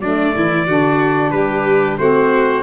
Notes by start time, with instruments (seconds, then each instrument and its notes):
0.00 tuba F#3, saxophone A3, violin D4, trumpet D5
0.35 tuba E3, violin E4
0.67 tuba D3, saxophone D4, violin F#4
1.31 tuba G3, violin G4, trumpet B4
1.98 tuba A3, saxophone C4, violin F#4, trumpet C5